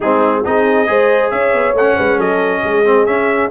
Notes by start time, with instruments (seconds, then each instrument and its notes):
0.00 tuba G#3, trombone C4, horn D#4, trumpet G#4
0.44 tuba C4, trombone D#4, horn G#4, trumpet D#5
0.86 tuba G#3, trombone G#4, horn C5
1.30 tuba C#4, horn C#5, trumpet E5
1.53 tuba B3
1.72 tuba A3, trumpet F#5
1.79 trombone C#4
1.96 tuba G#3, horn B4
2.16 tuba F#3, horn A4, trumpet D#5
2.63 tuba G#3, horn G#4
2.84 trombone C4
3.05 tuba C#4, trombone C#4, trumpet E5